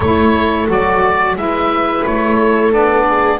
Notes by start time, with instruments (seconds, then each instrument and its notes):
0.00 double bass A3, saxophone E4, viola A4, oboe C#5
0.67 double bass F#3, saxophone F#4, oboe D5
1.35 double bass G#3, saxophone E4, viola B4, oboe E5
2.05 double bass A3, oboe C#5
2.35 viola A4
2.70 double bass B3, saxophone D4, oboe D5
3.07 viola G#4